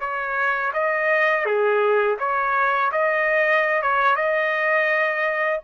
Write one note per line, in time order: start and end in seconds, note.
0.00 0.72 C#5
0.74 1.45 D#5
1.45 2.18 G#4
2.19 2.91 C#5
2.92 3.82 D#5
3.82 4.16 C#5
4.16 5.60 D#5